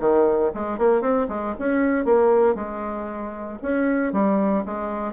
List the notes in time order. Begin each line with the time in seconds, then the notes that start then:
0.00 D#3
0.55 G#3
0.79 A#3
1.02 C4
1.29 G#3
1.59 C#4
2.05 A#3
2.55 G#3
3.63 C#4
4.13 G3
4.66 G#3